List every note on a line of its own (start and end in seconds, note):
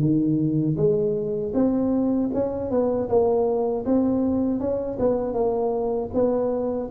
0.00 0.76 D#3
0.76 1.52 G#3
1.54 2.30 C4
2.33 2.70 C#4
2.70 3.08 B3
3.09 3.85 A#3
3.85 4.59 C4
4.59 4.97 C#4
4.99 5.33 B3
5.33 6.09 A#3
6.13 6.89 B3